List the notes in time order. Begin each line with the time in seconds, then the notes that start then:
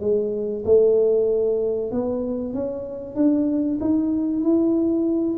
0.00 G#3
0.65 A3
1.91 B3
2.53 C#4
3.15 D4
3.80 D#4
4.42 E4